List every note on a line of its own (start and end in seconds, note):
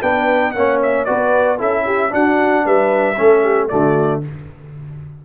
0.00 0.54 B3
0.00 0.54 D4
0.00 0.53 B4
0.00 0.51 G5
0.51 1.07 A#3
0.51 1.06 C#4
0.51 1.07 C#5
0.51 0.78 F#5
0.82 1.04 E5
1.04 1.60 B3
1.04 1.57 F#4
1.04 1.58 B4
1.04 1.57 D5
1.57 2.12 C#4
1.57 2.09 E4
1.57 1.84 A4
1.57 2.13 E5
1.85 2.12 G4
2.09 3.14 D4
2.09 2.65 D4
2.09 2.65 F#4
2.09 2.66 F#5
2.65 3.17 G3
2.65 3.17 B4
2.65 3.68 E5
3.16 3.72 A3
3.16 3.69 C#4
3.16 3.43 A4
3.43 3.69 G4
3.68 4.25 D3
3.68 4.22 A3
3.68 4.23 F#4
3.68 4.21 D5